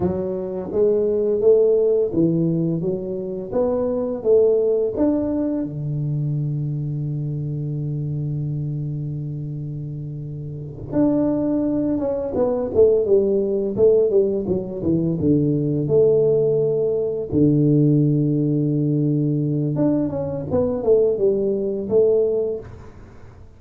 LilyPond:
\new Staff \with { instrumentName = "tuba" } { \time 4/4 \tempo 4 = 85 fis4 gis4 a4 e4 | fis4 b4 a4 d'4 | d1~ | d2.~ d8 d'8~ |
d'4 cis'8 b8 a8 g4 a8 | g8 fis8 e8 d4 a4.~ | a8 d2.~ d8 | d'8 cis'8 b8 a8 g4 a4 | }